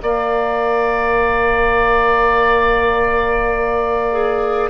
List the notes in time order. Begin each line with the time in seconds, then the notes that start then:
0.00 A#3 A#4 D5 F5
4.11 G#4